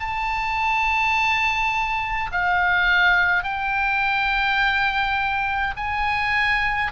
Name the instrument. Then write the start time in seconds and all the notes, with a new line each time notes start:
oboe
0.00 A5
2.32 F5
3.44 G5
5.76 G#5